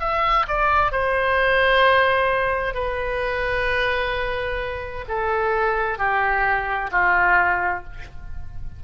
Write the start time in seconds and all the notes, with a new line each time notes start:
0.00 E5
0.48 D5
0.92 C5
2.74 B4
5.09 A4
5.98 G4
6.91 F4